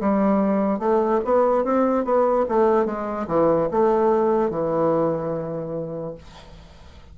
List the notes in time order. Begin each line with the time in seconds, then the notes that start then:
0.00 G3
0.79 A3
1.24 B3
1.64 C4
2.04 B3
2.48 A3
2.85 G#3
3.27 E3
3.71 A3
4.50 E3